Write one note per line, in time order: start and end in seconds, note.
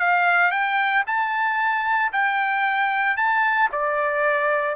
0.00 0.52 F5
0.52 1.04 G5
1.07 2.12 A5
2.13 3.17 G5
3.17 3.70 A5
3.72 4.76 D5